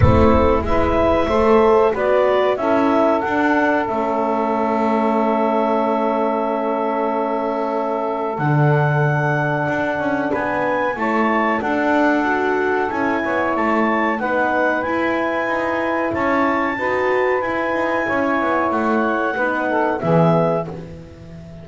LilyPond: <<
  \new Staff \with { instrumentName = "clarinet" } { \time 4/4 \tempo 4 = 93 a'4 e''2 d''4 | e''4 fis''4 e''2~ | e''1~ | e''4 fis''2. |
gis''4 a''4 fis''2 | gis''4 a''4 fis''4 gis''4~ | gis''4 a''2 gis''4~ | gis''4 fis''2 e''4 | }
  \new Staff \with { instrumentName = "saxophone" } { \time 4/4 e'4 b'4 c''4 b'4 | a'1~ | a'1~ | a'1 |
b'4 cis''4 a'2~ | a'8 cis''4. b'2~ | b'4 cis''4 b'2 | cis''2 b'8 a'8 gis'4 | }
  \new Staff \with { instrumentName = "horn" } { \time 4/4 c'4 e'4 a'4 fis'4 | e'4 d'4 cis'2~ | cis'1~ | cis'4 d'2.~ |
d'4 e'4 d'4 fis'4 | e'2 dis'4 e'4~ | e'2 fis'4 e'4~ | e'2 dis'4 b4 | }
  \new Staff \with { instrumentName = "double bass" } { \time 4/4 a4 gis4 a4 b4 | cis'4 d'4 a2~ | a1~ | a4 d2 d'8 cis'8 |
b4 a4 d'2 | cis'8 b8 a4 b4 e'4 | dis'4 cis'4 dis'4 e'8 dis'8 | cis'8 b8 a4 b4 e4 | }
>>